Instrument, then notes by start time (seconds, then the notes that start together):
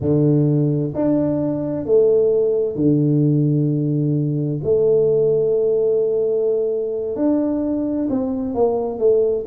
tuba
0.00 D3
0.94 D4
1.85 A3
2.75 D3
4.63 A3
7.15 D4
8.09 C4
8.54 A#3
8.98 A3